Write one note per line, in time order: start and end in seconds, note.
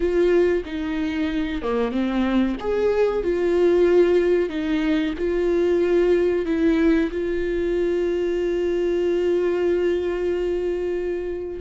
0.00 0.63 F4
0.65 1.61 D#4
1.61 1.91 A#3
1.91 2.56 C4
2.60 3.23 G#4
3.23 4.49 F4
4.49 5.13 D#4
5.18 6.45 F4
6.45 7.10 E4
7.11 11.60 F4